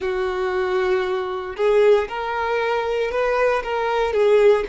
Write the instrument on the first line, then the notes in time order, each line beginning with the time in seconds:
violin
0.00 F#4
1.56 G#4
2.08 A#4
3.11 B4
3.63 A#4
4.13 G#4